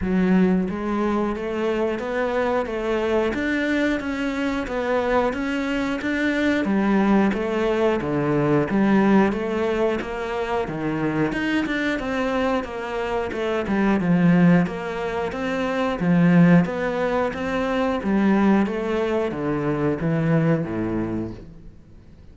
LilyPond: \new Staff \with { instrumentName = "cello" } { \time 4/4 \tempo 4 = 90 fis4 gis4 a4 b4 | a4 d'4 cis'4 b4 | cis'4 d'4 g4 a4 | d4 g4 a4 ais4 |
dis4 dis'8 d'8 c'4 ais4 | a8 g8 f4 ais4 c'4 | f4 b4 c'4 g4 | a4 d4 e4 a,4 | }